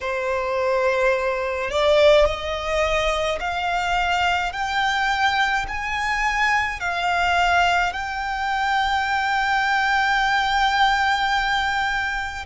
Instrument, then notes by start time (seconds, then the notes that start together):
violin
0.00 C5
1.70 D5
2.25 D#5
3.40 F5
4.52 G5
5.68 G#5
6.79 F5
7.92 G5